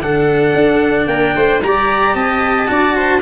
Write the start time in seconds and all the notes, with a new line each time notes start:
0.00 D3 D4 A4 F#5
0.55 D4
1.07 A#3 A#4 G5
1.36 A3 C5
1.63 G3 G4 D5 A#5
2.15 C4 D#5 A5
2.67 D4 F#4 D5
2.96 C5